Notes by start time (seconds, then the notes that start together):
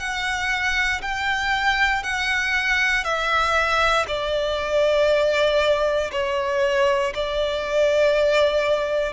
0.00 F#5
1.02 G5
2.03 F#5
3.04 E5
4.08 D5
6.12 C#5
7.15 D5